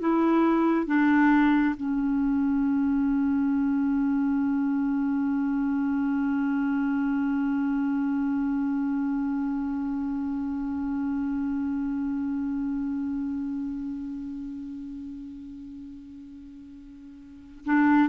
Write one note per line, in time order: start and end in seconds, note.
0.00 0.87 E4
0.87 1.75 D4
1.76 17.65 C#4
17.66 18.10 D4